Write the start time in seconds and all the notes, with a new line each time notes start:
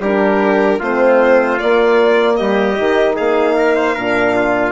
0.00 G3 D4 G4 A#4
0.79 A3 C4 F4 C5
1.59 A#3 D5
2.37 G3 G4 D#5
2.79 D#3 D#4
3.15 A#3 G#4 F5
3.57 A#4
3.76 C5
3.95 A#2 D4 A#4
4.36 F4